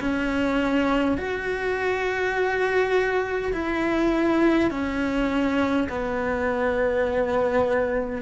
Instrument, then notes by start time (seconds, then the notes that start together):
cello
0.00 C#4
1.17 F#4
3.53 E4
4.71 C#4
5.89 B3